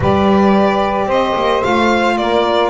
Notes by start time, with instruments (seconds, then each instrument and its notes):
0.00 double bass G3, saxophone G4 B4, violin D5
1.06 double bass C4, saxophone C5, violin D#5
1.35 double bass A#3
1.63 double bass A3, saxophone F4, violin F5
2.17 double bass A#3, saxophone A#4, violin D5